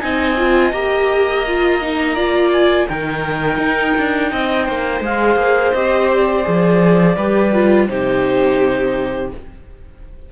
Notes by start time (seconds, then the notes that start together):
0.00 C4 D#4 D#5 G#5
0.38 F4
0.71 A#3 G4 A#5
1.47 F4
1.81 D#4
2.15 F4 D5
2.52 G#5
2.88 D#3 D#4 A#4 G5
3.57 D#4
3.98 D4
4.32 C4 D#5
4.65 A#3 C5
5.00 G#3 G#4 F5
5.36 A#3
5.73 C4 G4 D#5
6.14 D5
6.43 F3 G#4
7.16 G3 G4 B4
7.53 F4
7.88 C3 D#4 G4 C5